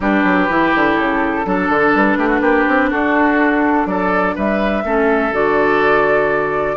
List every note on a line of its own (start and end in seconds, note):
0.00 0.24 G3
0.00 0.49 D4
0.00 1.45 G4
0.00 0.94 B4
0.24 0.48 F#3
0.49 0.73 E3
0.49 1.44 E4
0.74 0.98 D3
0.94 1.45 C#3
0.94 1.90 A4
1.44 1.69 F#3
1.44 4.83 D4
1.44 2.18 A4
1.69 1.93 D3
1.94 2.16 G3
1.94 2.91 B4
2.16 2.40 A3
2.16 2.27 G4
2.27 2.39 F#4
2.40 2.65 A#3
2.40 2.90 G4
2.67 2.91 C4
2.90 3.86 D4
2.90 3.86 F#4
2.90 3.87 A4
3.86 4.34 F#3
3.86 4.35 A4
3.86 4.35 D5
4.35 4.83 G3
4.35 4.83 B4
4.35 5.34 E5
4.83 5.32 A3
4.83 5.32 C#4
4.83 6.76 A4
5.32 6.76 D3
5.32 6.76 F#4
5.32 6.76 D5